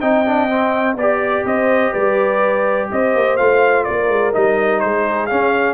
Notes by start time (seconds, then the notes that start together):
0.00 C4 D#4 D#5 G5
0.26 D4
0.50 C4
0.96 B3 G4 D5
1.45 C4 C5 D#5
1.92 G3 B4 D5
2.91 C4 C5 D#5
3.15 A#3
3.37 A3 F4 F5
3.84 A#3 A#4 D5
4.09 G#3
4.33 G3 D#4 D#5
4.80 G#3 G#4 C5
5.26 C#4 F5